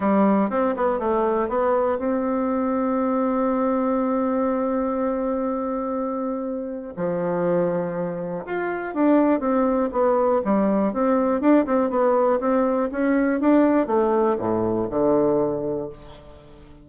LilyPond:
\new Staff \with { instrumentName = "bassoon" } { \time 4/4 \tempo 4 = 121 g4 c'8 b8 a4 b4 | c'1~ | c'1~ | c'2 f2~ |
f4 f'4 d'4 c'4 | b4 g4 c'4 d'8 c'8 | b4 c'4 cis'4 d'4 | a4 a,4 d2 | }